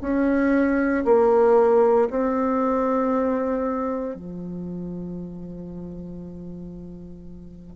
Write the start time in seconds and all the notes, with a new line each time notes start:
0.00 C#4
1.04 A#3
2.10 C4
4.14 F3